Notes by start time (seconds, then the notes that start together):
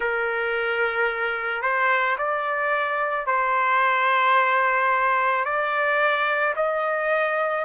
0.00 A#4
1.62 C5
2.18 D5
3.26 C5
5.44 D5
6.56 D#5